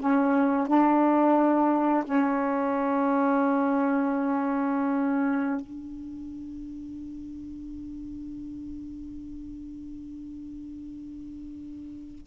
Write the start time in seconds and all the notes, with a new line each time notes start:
0.00 C#4
0.68 D4
2.05 C#4
5.61 D4